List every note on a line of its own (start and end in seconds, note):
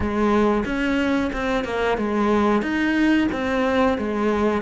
0.00 0.64 G#3
0.65 1.31 C#4
1.32 1.64 C4
1.64 1.97 A#3
1.98 2.61 G#3
2.61 3.27 D#4
3.32 3.98 C4
3.98 4.62 G#3